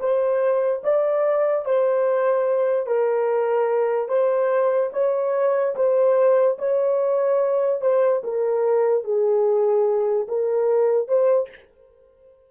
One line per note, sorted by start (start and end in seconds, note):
0.00 0.82 C5
0.84 1.66 D5
1.66 2.87 C5
2.87 4.08 A#4
4.08 4.91 C5
4.93 5.75 C#5
5.76 6.58 C5
6.59 7.81 C#5
7.81 8.22 C5
8.24 9.04 A#4
9.04 10.27 G#4
10.28 11.08 A#4
11.08 11.49 C5